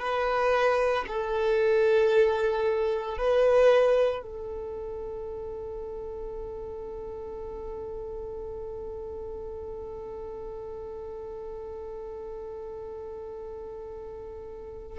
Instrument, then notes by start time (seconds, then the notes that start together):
violin
0.00 B4
1.08 A4
3.18 B4
4.23 A4